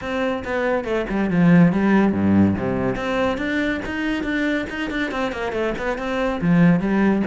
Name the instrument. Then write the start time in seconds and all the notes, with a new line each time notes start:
cello
0.01 C4
0.44 B3
0.84 A3
1.09 G3
1.30 F3
1.72 G3
2.12 G2
2.57 C3
2.95 C4
3.37 D4
3.85 D#4
4.23 D4
4.69 D#4
4.90 D4
5.11 C4
5.32 A#3
5.52 A3
5.78 B3
5.98 C4
6.41 F3
6.79 G3